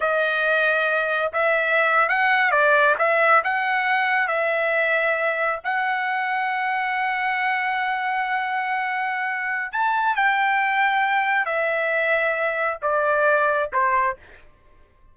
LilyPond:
\new Staff \with { instrumentName = "trumpet" } { \time 4/4 \tempo 4 = 136 dis''2. e''4~ | e''8. fis''4 d''4 e''4 fis''16~ | fis''4.~ fis''16 e''2~ e''16~ | e''8. fis''2.~ fis''16~ |
fis''1~ | fis''2 a''4 g''4~ | g''2 e''2~ | e''4 d''2 c''4 | }